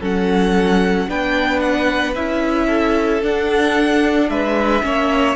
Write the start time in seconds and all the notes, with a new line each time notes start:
0.00 F#3 C#4 A4 F#5
1.08 B3 D4 B4 G5
1.60 F#5
2.15 C#4 E4 E5
2.67 A4
3.22 D4 F#5
4.29 G#3 B4 E5
4.82 A#3 C#4 C#5